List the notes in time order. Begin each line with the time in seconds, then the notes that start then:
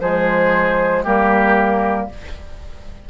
0.00 F3 G#3 G#4 C5
1.03 G3 A#3 G4 A#4